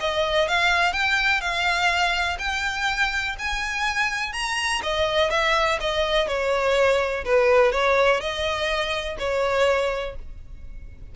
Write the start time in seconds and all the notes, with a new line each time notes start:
0.00 D#5
0.48 F5
0.93 G5
1.41 F5
2.39 G5
3.39 G#5
4.33 A#5
4.83 D#5
5.30 E5
5.80 D#5
6.28 C#5
7.25 B4
7.72 C#5
8.20 D#5
9.19 C#5